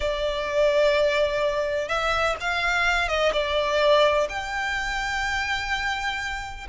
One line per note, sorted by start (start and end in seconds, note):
0.00 1.88 D5
1.88 2.36 E5
2.40 3.08 F5
3.08 3.32 D#5
3.32 4.28 D5
4.29 6.67 G5